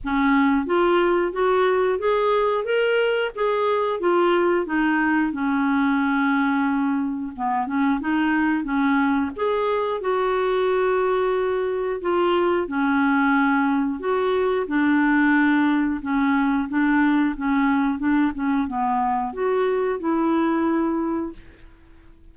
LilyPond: \new Staff \with { instrumentName = "clarinet" } { \time 4/4 \tempo 4 = 90 cis'4 f'4 fis'4 gis'4 | ais'4 gis'4 f'4 dis'4 | cis'2. b8 cis'8 | dis'4 cis'4 gis'4 fis'4~ |
fis'2 f'4 cis'4~ | cis'4 fis'4 d'2 | cis'4 d'4 cis'4 d'8 cis'8 | b4 fis'4 e'2 | }